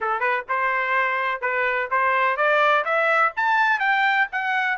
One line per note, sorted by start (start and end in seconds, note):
0.00 0.20 A4
0.20 0.44 B4
0.48 1.41 C5
1.41 1.88 B4
1.90 2.37 C5
2.37 2.84 D5
2.84 3.32 E5
3.36 3.79 A5
3.79 4.27 G5
4.32 4.77 F#5